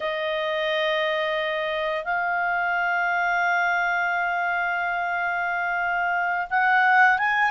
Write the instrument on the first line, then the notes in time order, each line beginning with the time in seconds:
clarinet
0.00 D#5
2.04 F5
6.50 F#5
7.18 G#5